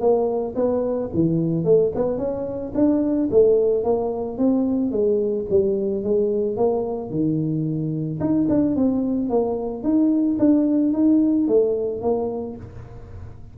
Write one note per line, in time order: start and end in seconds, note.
0.00 0.55 A#3
0.55 1.10 B3
1.14 1.65 E3
1.65 1.92 A3
1.95 2.18 B3
2.18 2.72 C#4
2.74 3.29 D4
3.31 3.84 A3
3.84 4.38 A#3
4.38 4.91 C4
4.91 5.46 G#3
5.50 6.03 G3
6.03 6.57 G#3
6.57 7.10 A#3
7.10 8.19 D#3
8.20 8.47 D#4
8.49 8.76 D4
8.76 9.30 C4
9.30 9.83 A#3
9.83 10.38 D#4
10.39 10.93 D4
10.93 11.48 D#4
11.48 12.01 A3
12.01 12.56 A#3